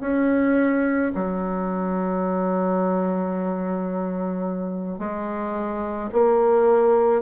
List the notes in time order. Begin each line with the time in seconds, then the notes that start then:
0.00 C#4
1.14 F#3
4.98 G#3
6.12 A#3